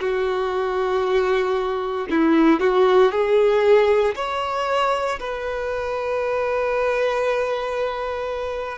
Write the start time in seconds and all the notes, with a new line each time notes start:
0.00 F#4
2.10 E4
2.60 F#4
3.11 G#4
4.16 C#5
5.19 B4